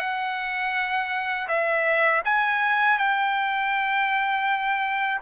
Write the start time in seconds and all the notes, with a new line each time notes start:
0.00 F#5
1.48 E5
2.25 G#5
2.99 G5